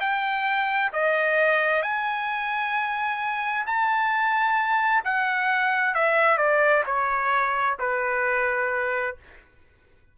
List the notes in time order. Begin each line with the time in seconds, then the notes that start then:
0.00 G5
0.93 D#5
1.83 G#5
3.66 A5
5.04 F#5
5.95 E5
6.38 D5
6.86 C#5
7.79 B4